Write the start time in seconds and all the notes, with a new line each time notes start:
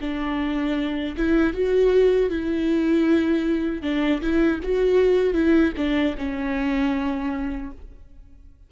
0.00 D4
1.16 E4
1.53 F#4
2.29 E4
3.82 D4
4.21 E4
4.63 F#4
5.34 E4
5.77 D4
6.17 C#4